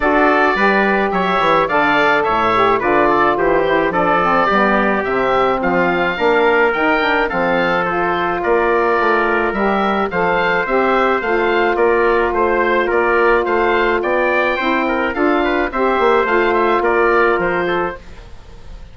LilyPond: <<
  \new Staff \with { instrumentName = "oboe" } { \time 4/4 \tempo 4 = 107 d''2 e''4 f''4 | e''4 d''4 c''4 d''4~ | d''4 e''4 f''2 | g''4 f''4 c''4 d''4~ |
d''4 e''4 f''4 e''4 | f''4 d''4 c''4 d''4 | f''4 g''2 f''4 | e''4 f''8 e''8 d''4 c''4 | }
  \new Staff \with { instrumentName = "trumpet" } { \time 4/4 a'4 b'4 cis''4 d''4 | cis''4 b'8 a'8 g'4 a'4 | g'2 f'4 ais'4~ | ais'4 a'2 ais'4~ |
ais'2 c''2~ | c''4 ais'4 c''4 ais'4 | c''4 d''4 c''8 ais'8 a'8 b'8 | c''2 ais'4. a'8 | }
  \new Staff \with { instrumentName = "saxophone" } { \time 4/4 fis'4 g'2 a'4~ | a'8 g'8 f'4. e'8 d'8 c'8 | b4 c'2 d'4 | dis'8 d'8 c'4 f'2~ |
f'4 g'4 a'4 g'4 | f'1~ | f'2 e'4 f'4 | g'4 f'2. | }
  \new Staff \with { instrumentName = "bassoon" } { \time 4/4 d'4 g4 fis8 e8 d4 | a,4 d4 e4 f4 | g4 c4 f4 ais4 | dis4 f2 ais4 |
a4 g4 f4 c'4 | a4 ais4 a4 ais4 | a4 b4 c'4 d'4 | c'8 ais8 a4 ais4 f4 | }
>>